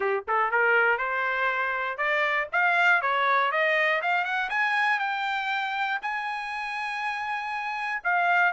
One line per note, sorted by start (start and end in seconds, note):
0.00 0.23 G4
0.27 0.51 A4
0.51 0.97 A#4
0.97 1.97 C5
1.97 2.48 D5
2.52 3.01 F5
3.01 3.51 C#5
3.51 4.01 D#5
4.02 4.24 F5
4.24 4.49 F#5
4.49 4.99 G#5
4.99 5.99 G5
6.01 8.01 G#5
8.03 8.52 F5